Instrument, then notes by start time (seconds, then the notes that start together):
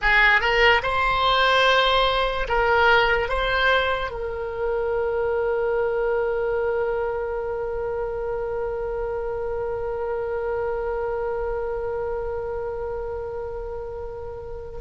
oboe
0.01 G#4
0.40 A#4
0.82 C5
2.48 A#4
3.28 C5
4.10 A#4